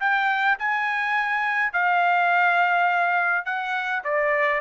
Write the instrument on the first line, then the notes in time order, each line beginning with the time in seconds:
trumpet
0.00 G5
0.58 G#5
1.73 F5
3.45 F#5
4.04 D5